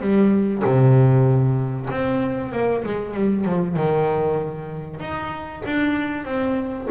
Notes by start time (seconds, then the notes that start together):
0.00 G3
0.64 C3
1.90 C4
2.52 A#3
2.84 G#3
3.14 G3
3.45 F3
3.76 D#3
5.00 D#4
5.66 D4
6.25 C4